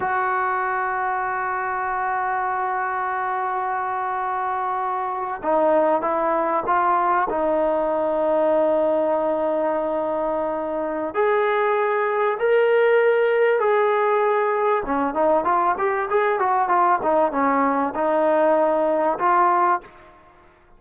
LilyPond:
\new Staff \with { instrumentName = "trombone" } { \time 4/4 \tempo 4 = 97 fis'1~ | fis'1~ | fis'8. dis'4 e'4 f'4 dis'16~ | dis'1~ |
dis'2 gis'2 | ais'2 gis'2 | cis'8 dis'8 f'8 g'8 gis'8 fis'8 f'8 dis'8 | cis'4 dis'2 f'4 | }